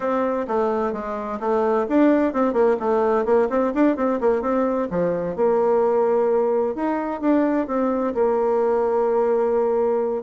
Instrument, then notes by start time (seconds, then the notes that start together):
bassoon
0.00 C4
0.47 A3
0.92 G#3
1.40 A3
1.89 D4
2.33 C4
2.53 A#3
2.79 A3
3.25 A#3
3.49 C4
3.74 D4
3.96 C4
4.20 A#3
4.41 C4
4.90 F3
5.36 A#3
6.75 D#4
7.20 D4
7.67 C4
8.14 A#3